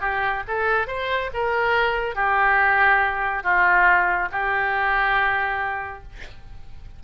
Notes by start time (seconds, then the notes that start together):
0.00 G4
0.47 A4
0.87 C5
1.33 A#4
2.15 G4
3.43 F4
4.31 G4